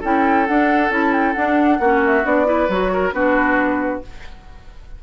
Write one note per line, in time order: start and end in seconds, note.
0.00 0.48 C#4
0.00 0.47 E4
0.00 1.78 A4
0.00 0.47 G5
0.47 0.90 D4
0.47 0.91 F#5
0.90 1.34 C#4
0.90 1.35 E4
0.90 1.12 A5
1.12 1.33 G5
1.33 1.81 D4
1.33 1.79 D4
1.33 2.00 F#5
1.79 2.24 A#3
1.79 2.24 C#4
1.79 2.47 F#4
2.06 2.26 E5
2.24 2.68 B3
2.24 2.45 D4
2.24 2.70 D5
2.45 2.67 E4
2.45 2.92 B4
2.68 3.13 F#3
2.68 3.13 F#4
2.68 3.12 C#5
2.93 3.14 A#4
3.12 4.01 B3
3.12 4.02 D4
3.12 4.03 F#4
3.12 4.01 B4